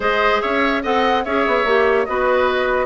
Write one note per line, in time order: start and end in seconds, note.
0.00 0.41 G#3
0.00 0.82 G#4
0.00 0.41 C5
0.00 0.41 D#5
0.41 0.84 C#4
0.41 0.82 C#5
0.41 0.82 E5
0.82 1.25 C4
0.82 1.25 A4
0.82 1.24 D#5
0.82 1.24 F#5
1.24 1.46 C#4
1.24 1.66 G#4
1.24 2.07 C#5
1.24 2.04 E5
1.46 1.64 B3
1.64 2.06 A#3
1.64 2.07 G4
2.04 2.86 B3
2.04 2.86 F#4
2.04 2.86 B4
2.04 2.86 D#5